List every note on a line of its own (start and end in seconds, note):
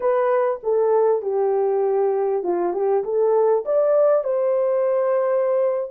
0.00 0.60 B4
0.63 1.21 A4
1.21 2.43 G4
2.43 2.73 F4
2.73 3.03 G4
3.04 3.64 A4
3.65 4.24 D5
4.24 5.90 C5